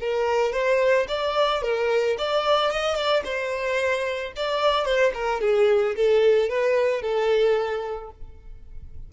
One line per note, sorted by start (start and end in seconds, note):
0.00 0.53 A#4
0.53 1.07 C5
1.08 1.62 D5
1.62 2.16 A#4
2.18 2.71 D5
2.71 2.96 D#5
2.96 3.23 D5
3.25 4.33 C5
4.36 4.85 D5
4.85 5.12 C5
5.14 5.41 A#4
5.41 5.95 G#4
5.96 6.49 A4
6.49 7.02 B4
7.02 8.10 A4